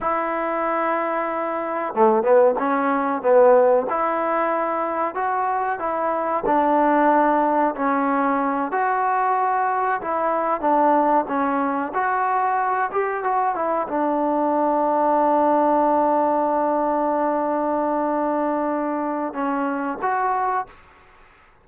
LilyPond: \new Staff \with { instrumentName = "trombone" } { \time 4/4 \tempo 4 = 93 e'2. a8 b8 | cis'4 b4 e'2 | fis'4 e'4 d'2 | cis'4. fis'2 e'8~ |
e'8 d'4 cis'4 fis'4. | g'8 fis'8 e'8 d'2~ d'8~ | d'1~ | d'2 cis'4 fis'4 | }